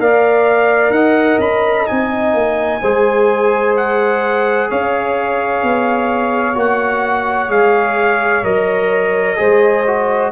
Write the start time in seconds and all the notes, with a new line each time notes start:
0.00 A#3 A#4 D5 F5
0.90 D#4 D#5 F#5
1.39 C#4 B5
1.87 C4 D#4 G#5
2.34 A#3
2.81 G#3 G#4 C5
3.77 F#5
4.69 C#4 C#5 F5
5.63 B3
6.55 A#3 F#4 F#5
7.49 G#3 G#4 F5
8.43 F#3 A#4 D#5
9.37 G#3 G#4 C5
9.87 F#4